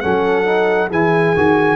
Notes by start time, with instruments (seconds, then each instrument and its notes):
0.00 tuba F#3, trombone C#4, horn A4, trumpet F#5
0.45 trombone D#4
0.88 tuba E3, trombone E4, horn G#4, trumpet G#5
1.36 tuba D#3, trombone F#4